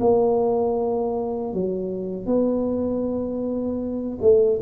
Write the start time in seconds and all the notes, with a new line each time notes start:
0.00 A#3
1.53 F#3
2.26 B3
4.21 A3